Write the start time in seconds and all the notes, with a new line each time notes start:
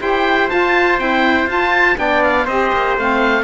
0.00 E4 G4 C5 G5
0.49 F4 A5
0.99 C4 E4 G5
1.46 F4 A5
1.96 B3 D4 D5 G5
2.23 F5
2.45 C4 G4 C5 D#5
2.73 A#3
2.97 A3 C4 F5